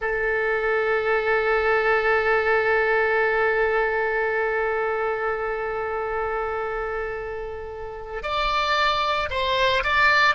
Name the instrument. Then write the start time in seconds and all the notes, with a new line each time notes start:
oboe
0.01 A4
8.23 D5
9.30 C5
9.83 D5